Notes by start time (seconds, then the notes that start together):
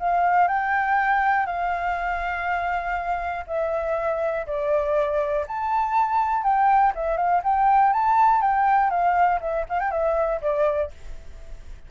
0.00 F5
0.48 G5
1.47 F5
3.48 E5
4.47 D5
5.48 A5
6.43 G5
6.96 E5
7.18 F5
7.44 G5
7.93 A5
8.42 G5
8.91 F5
9.41 E5
9.69 F5
9.80 G5
9.92 E5
10.42 D5